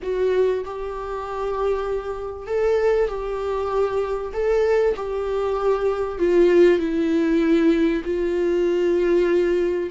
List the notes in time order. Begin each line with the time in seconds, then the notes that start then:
0.02 F#4
0.65 G4
2.46 A4
3.08 G4
4.33 A4
4.96 G4
6.19 F4
6.78 E4
8.04 F4